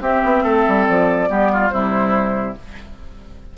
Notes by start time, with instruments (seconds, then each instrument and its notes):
0.00 bassoon C4, clarinet C4, oboe G4, flute E5
0.23 bassoon B3
0.43 bassoon A3, oboe A4
0.67 bassoon G3
0.85 bassoon F3, flute D5
1.28 bassoon G3, clarinet B3, oboe G4
1.52 oboe F4
1.69 bassoon C3, clarinet G3, oboe E4, flute C5